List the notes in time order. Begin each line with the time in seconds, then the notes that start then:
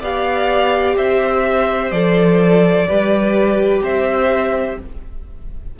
0.00 B3 G4 D5 F5
0.97 C4 C5 E5
1.91 F3 A4 D5
2.88 G3 G4 B4
3.82 C4 C5 E5